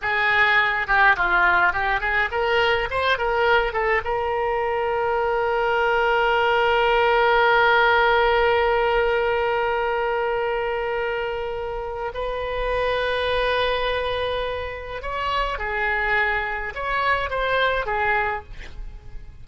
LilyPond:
\new Staff \with { instrumentName = "oboe" } { \time 4/4 \tempo 4 = 104 gis'4. g'8 f'4 g'8 gis'8 | ais'4 c''8 ais'4 a'8 ais'4~ | ais'1~ | ais'1~ |
ais'1~ | ais'4 b'2.~ | b'2 cis''4 gis'4~ | gis'4 cis''4 c''4 gis'4 | }